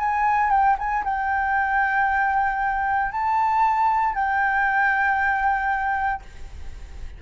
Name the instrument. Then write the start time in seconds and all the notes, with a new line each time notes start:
flute
0.00 G#5
0.51 G5
0.79 G#5
1.05 G5
3.12 A5
4.15 G5